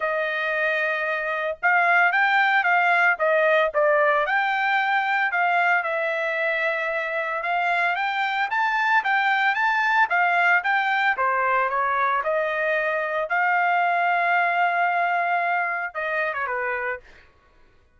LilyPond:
\new Staff \with { instrumentName = "trumpet" } { \time 4/4 \tempo 4 = 113 dis''2. f''4 | g''4 f''4 dis''4 d''4 | g''2 f''4 e''4~ | e''2 f''4 g''4 |
a''4 g''4 a''4 f''4 | g''4 c''4 cis''4 dis''4~ | dis''4 f''2.~ | f''2 dis''8. cis''16 b'4 | }